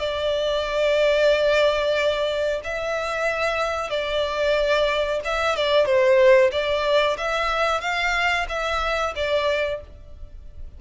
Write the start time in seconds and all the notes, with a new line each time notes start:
0.00 D5
2.64 E5
3.90 D5
5.25 E5
5.56 D5
5.86 C5
6.52 D5
7.18 E5
7.81 F5
8.49 E5
9.16 D5